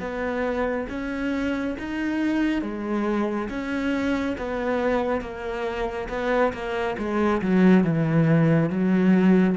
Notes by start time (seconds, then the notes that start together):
0.00 B3
0.89 C#4
1.79 D#4
2.62 G#3
3.49 C#4
4.38 B3
5.21 A#3
6.09 B3
6.53 A#3
6.98 G#3
7.42 F#3
7.84 E3
8.70 F#3